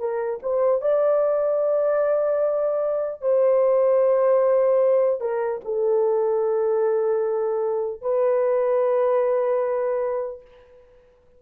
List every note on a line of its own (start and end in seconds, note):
0.00 0.40 A#4
0.43 0.82 C5
0.82 3.22 D5
3.22 5.21 C5
5.21 5.61 A#4
5.65 8.02 A4
8.02 10.42 B4